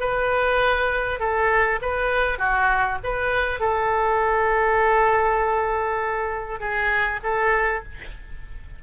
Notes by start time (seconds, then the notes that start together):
0.00 B4
1.20 A4
1.82 B4
2.39 F#4
3.04 B4
3.60 A4
6.60 G#4
7.24 A4